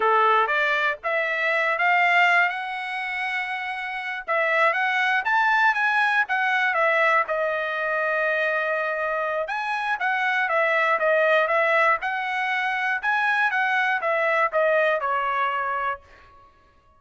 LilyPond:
\new Staff \with { instrumentName = "trumpet" } { \time 4/4 \tempo 4 = 120 a'4 d''4 e''4. f''8~ | f''4 fis''2.~ | fis''8 e''4 fis''4 a''4 gis''8~ | gis''8 fis''4 e''4 dis''4.~ |
dis''2. gis''4 | fis''4 e''4 dis''4 e''4 | fis''2 gis''4 fis''4 | e''4 dis''4 cis''2 | }